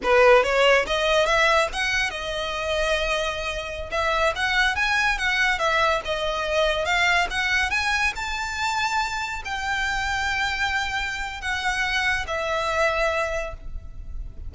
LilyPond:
\new Staff \with { instrumentName = "violin" } { \time 4/4 \tempo 4 = 142 b'4 cis''4 dis''4 e''4 | fis''4 dis''2.~ | dis''4~ dis''16 e''4 fis''4 gis''8.~ | gis''16 fis''4 e''4 dis''4.~ dis''16~ |
dis''16 f''4 fis''4 gis''4 a''8.~ | a''2~ a''16 g''4.~ g''16~ | g''2. fis''4~ | fis''4 e''2. | }